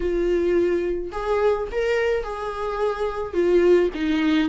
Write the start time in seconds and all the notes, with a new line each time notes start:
0.00 F4
1.11 G#4
1.71 A#4
2.23 G#4
3.33 F4
3.94 D#4